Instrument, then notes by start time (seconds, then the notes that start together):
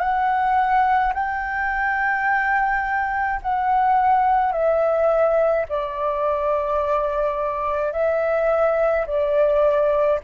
flute
0.00 F#5
1.14 G5
3.43 F#5
4.53 E5
5.70 D5
7.93 E5
9.07 D5